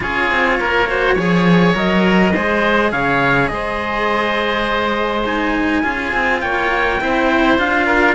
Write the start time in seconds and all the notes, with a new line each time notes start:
0.00 C#4 F4 G#4 C#5
0.30 C4
0.59 A#3 A#4
0.87 F#4 C5
1.14 F3 G#4 C#5
1.73 F#3 A#4 D#5
2.33 G#3 G#4 C5
2.91 C#3 C#5 F5
3.48 G#3 C5 D#5
5.24 D#4 G#5
5.82 C#4 F4 G#4
6.12 C4
6.40 A#3 C#5 G5
7.00 C4 E4 C5
7.58 D4 F4 F5
7.85 A#4